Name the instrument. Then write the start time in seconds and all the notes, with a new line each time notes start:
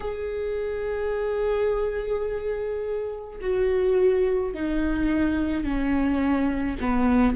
viola
0.00 G#4
3.40 F#4
4.54 D#4
5.63 C#4
6.80 B3